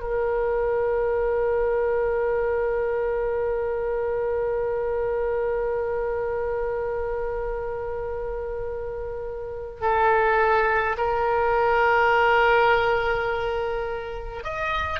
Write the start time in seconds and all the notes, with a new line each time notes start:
0.00 A#4
9.80 A4
10.97 A#4
14.43 D#5